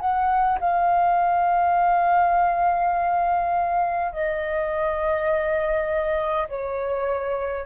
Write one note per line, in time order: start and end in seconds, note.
0.00 0.59 F#5
0.60 4.12 F5
4.12 6.48 D#5
6.48 7.66 C#5